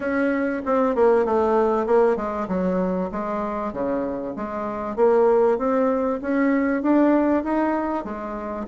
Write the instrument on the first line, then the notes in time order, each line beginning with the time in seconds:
bassoon
0.00 C#4
0.65 C4
0.95 A#3
1.25 A3
1.86 A#3
2.16 G#3
2.48 F#3
3.11 G#3
3.72 C#3
4.36 G#3
4.96 A#3
5.58 C4
6.21 C#4
6.82 D4
7.43 D#4
8.04 G#3